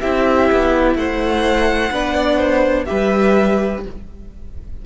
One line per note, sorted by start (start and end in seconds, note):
0.00 0.50 C4
0.00 1.91 E4
0.00 0.95 G4
0.00 0.95 E5
0.51 0.95 B3
0.95 1.90 A3
0.95 1.92 C5
0.95 2.85 F#5
1.91 2.86 B3
1.91 2.86 D4
1.91 2.14 B4
2.14 2.37 D5
2.37 2.85 C5
2.85 3.85 G3
2.85 3.81 G4
2.85 3.84 B4
2.85 3.80 E5